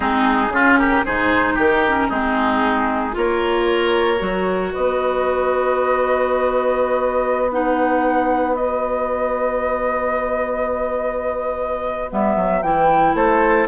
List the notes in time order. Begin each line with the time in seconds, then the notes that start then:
0.00 G#3 C4 D#4 G#4
0.49 C#3 C#4 F4
0.78 G4 A#4
1.04 G#2 D#4 G#4 C5
1.54 D#3 G4 A#4
1.87 C#4
2.09 G#3 C4 D#4 G#4
3.12 A#3 F4 A#4 C#5
4.19 F#3 F#4
4.72 B3 B4 D#5
7.51 D#4 F#5
8.55 F#4 D#5
12.10 G3 B3 E5
12.36 F#3
12.62 E3 E4 G5
13.14 A3 A4 C5